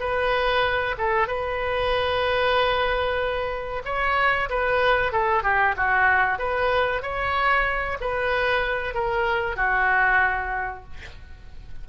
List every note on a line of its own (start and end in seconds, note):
0.00 0.96 B4
0.98 1.28 A4
1.28 3.83 B4
3.85 4.49 C#5
4.50 5.13 B4
5.13 5.43 A4
5.43 5.75 G4
5.77 6.39 F#4
6.39 7.02 B4
7.02 7.98 C#5
8.01 8.95 B4
8.95 9.57 A#4
9.57 10.84 F#4